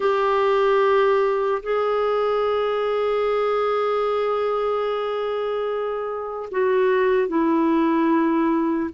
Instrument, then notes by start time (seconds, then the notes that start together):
clarinet
0.00 G4
1.62 G#4
6.51 F#4
7.28 E4